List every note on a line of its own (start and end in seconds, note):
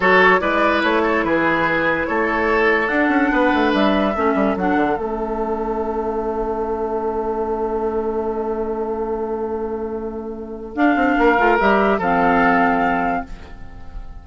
0.00 0.41 F#3
0.00 0.39 F#4
0.00 0.40 A4
0.00 0.40 C#5
0.39 0.82 G#3
0.39 2.88 E4
0.39 1.02 B4
0.39 0.82 D5
0.82 1.23 A3
0.82 1.24 C#5
1.02 1.23 A4
1.23 2.06 E3
1.23 2.07 G#4
1.23 2.06 B4
2.06 2.88 A3
2.06 3.31 A4
2.06 2.87 C#5
2.87 3.08 D4
2.87 4.13 D4
2.87 3.70 F#5
3.08 3.29 C#4
3.32 3.52 B3
3.32 4.14 B4
3.53 3.73 A3
3.73 4.15 G3
3.73 4.56 E5
4.14 4.34 A3
4.14 4.57 C#4
4.14 11.18 A4
4.34 4.55 G3
4.56 4.76 F#3
4.56 4.97 D4
4.56 4.97 F#5
4.76 4.96 D3
4.97 10.75 A3
4.97 10.76 C#4
4.97 10.76 E5
10.75 10.95 D4
10.75 11.38 D4
10.75 11.58 F5
10.95 11.16 C4
11.17 11.38 A#3
11.17 11.98 A#4
11.38 11.58 A3
11.38 11.59 F4
11.59 11.98 G3
11.59 12.01 G4
11.59 12.01 E5
11.98 13.22 F3
11.98 13.26 C4
11.98 13.22 A4
11.98 13.26 F5